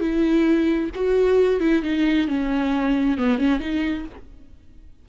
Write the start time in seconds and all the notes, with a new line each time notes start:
0.00 E4
0.95 F#4
1.60 E4
1.83 D#4
2.28 C#4
3.18 B3
3.38 C#4
3.60 D#4